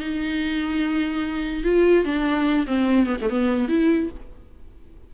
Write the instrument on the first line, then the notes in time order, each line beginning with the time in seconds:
viola
0.00 D#4
1.64 F4
2.05 D4
2.67 C4
3.07 B3
3.22 A3
3.30 B3
3.69 E4